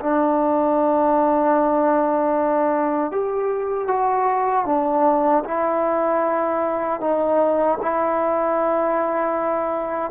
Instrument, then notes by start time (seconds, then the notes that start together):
trombone
0.00 D4
3.11 G4
3.87 F#4
4.65 D4
5.44 E4
7.01 D#4
7.81 E4